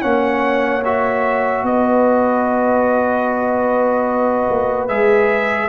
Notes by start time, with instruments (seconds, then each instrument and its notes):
0.00 tuba A#3, trombone C#4, horn C#5, trumpet F#5
0.84 trombone F#4, trumpet E5
1.63 tuba B3, horn B4, trumpet D#5
4.49 tuba A#3
4.88 tuba G#3, trombone G#4, trumpet E5